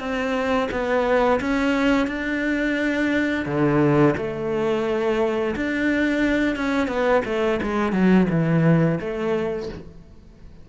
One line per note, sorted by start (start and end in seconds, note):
0.00 0.69 C4
0.71 1.40 B3
1.40 2.08 C#4
2.08 3.45 D4
3.45 4.14 D3
4.17 5.55 A3
5.56 6.56 D4
6.56 6.88 C#4
6.88 7.22 B3
7.25 7.60 A3
7.62 7.92 G#3
7.92 8.27 F#3
8.30 8.99 E3
9.00 9.69 A3